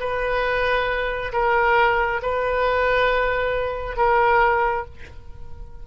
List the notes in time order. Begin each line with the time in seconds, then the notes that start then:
0.00 B4
1.33 A#4
2.23 B4
3.97 A#4